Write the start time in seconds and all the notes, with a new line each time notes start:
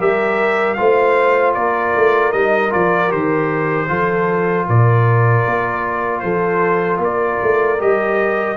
0.00 G3 G4 A#4 E5
0.74 A3 F4 C5 F5
1.55 A#3 A#4 D5
1.97 A3
2.33 G3 D#4 D#5
2.71 F3 F4 D5
3.09 D#3 G4 C5
3.89 F3 F4 A4
4.68 A#2 A#4 D5
5.46 A#3
6.20 F3 A4 C5
6.99 A#3 A#4 D5
7.43 A3
7.80 G3 G4 D#5